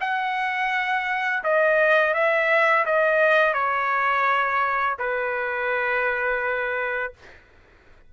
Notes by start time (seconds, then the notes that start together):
0.00 F#5
1.44 D#5
2.14 E5
2.86 D#5
3.54 C#5
4.99 B4